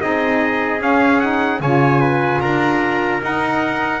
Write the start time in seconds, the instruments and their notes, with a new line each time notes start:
0.00 double bass C4, saxophone D#4, trumpet G#4 D#5
0.78 saxophone C#4, double bass C#4, trumpet F5
1.19 saxophone D#4, trumpet F#5
1.60 double bass C#3, saxophone F4, trumpet C#5 G#5
2.00 trumpet B4
2.41 double bass D4, trumpet A#4 A#5
3.20 saxophone D#4, double bass D#4, trumpet F#5